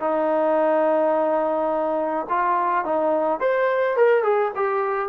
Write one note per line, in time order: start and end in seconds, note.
0.00 2.26 D#4
2.29 2.85 F4
2.85 3.40 D#4
3.40 3.96 C5
3.96 4.23 A#4
4.23 4.52 G#4
4.55 5.09 G4